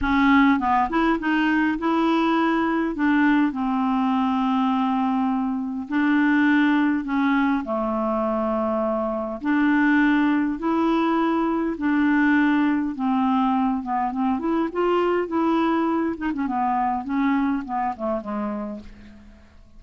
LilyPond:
\new Staff \with { instrumentName = "clarinet" } { \time 4/4 \tempo 4 = 102 cis'4 b8 e'8 dis'4 e'4~ | e'4 d'4 c'2~ | c'2 d'2 | cis'4 a2. |
d'2 e'2 | d'2 c'4. b8 | c'8 e'8 f'4 e'4. dis'16 cis'16 | b4 cis'4 b8 a8 gis4 | }